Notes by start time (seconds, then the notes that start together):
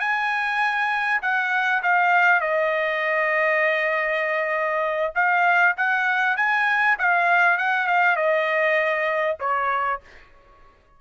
0.00 G#5
1.22 F#5
1.83 F5
2.41 D#5
5.15 F5
5.77 F#5
6.37 G#5
6.99 F5
7.58 F#5
7.87 F5
8.17 D#5
9.40 C#5